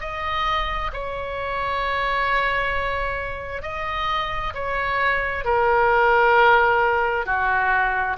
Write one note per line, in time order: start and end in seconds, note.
0.00 0.91 D#5
0.93 3.62 C#5
3.62 4.53 D#5
4.54 5.45 C#5
5.45 7.26 A#4
7.26 8.17 F#4